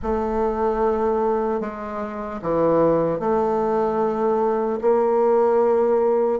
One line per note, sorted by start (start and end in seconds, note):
0.02 1.60 A3
1.60 2.40 G#3
2.41 3.19 E3
3.19 4.79 A3
4.81 6.40 A#3